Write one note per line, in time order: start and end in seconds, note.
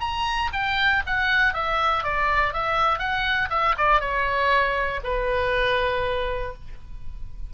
0.00 0.50 A#5
0.52 1.02 G5
1.06 1.53 F#5
1.53 2.03 E5
2.03 2.53 D5
2.53 2.98 E5
2.98 3.48 F#5
3.50 3.75 E5
3.77 4.00 D5
4.00 5.00 C#5
5.03 6.53 B4